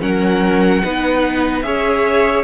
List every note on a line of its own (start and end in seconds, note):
0.00 0.82 F#3
0.00 0.81 C#4
0.00 0.82 A#4
0.00 1.62 F#5
0.83 1.63 B3
0.83 1.64 D#4
0.83 1.64 B4
1.62 2.44 C#4
1.62 2.44 G#4
1.62 2.44 C#5
1.62 2.43 E5